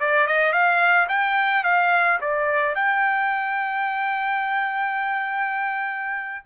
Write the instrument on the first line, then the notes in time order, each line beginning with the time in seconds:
trumpet
0.00 D5
0.27 D#5
0.53 F5
1.09 G5
1.64 F5
2.21 D5
2.75 G5